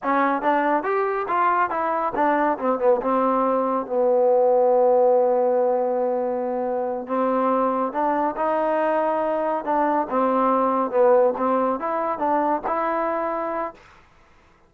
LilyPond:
\new Staff \with { instrumentName = "trombone" } { \time 4/4 \tempo 4 = 140 cis'4 d'4 g'4 f'4 | e'4 d'4 c'8 b8 c'4~ | c'4 b2.~ | b1~ |
b8 c'2 d'4 dis'8~ | dis'2~ dis'8 d'4 c'8~ | c'4. b4 c'4 e'8~ | e'8 d'4 e'2~ e'8 | }